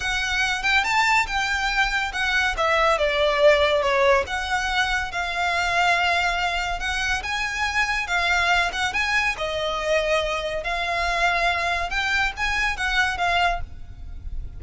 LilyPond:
\new Staff \with { instrumentName = "violin" } { \time 4/4 \tempo 4 = 141 fis''4. g''8 a''4 g''4~ | g''4 fis''4 e''4 d''4~ | d''4 cis''4 fis''2 | f''1 |
fis''4 gis''2 f''4~ | f''8 fis''8 gis''4 dis''2~ | dis''4 f''2. | g''4 gis''4 fis''4 f''4 | }